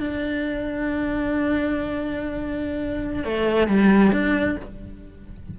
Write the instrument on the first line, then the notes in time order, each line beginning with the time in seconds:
cello
0.00 D4
3.25 A3
3.68 G3
4.12 D4